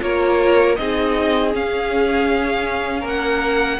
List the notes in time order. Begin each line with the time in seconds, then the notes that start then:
0.00 A#3 F4 A#4 C#5
0.75 C4 D#4 G#4 D#5
1.52 C#4 F5
3.00 A#3 A#4
3.07 F#5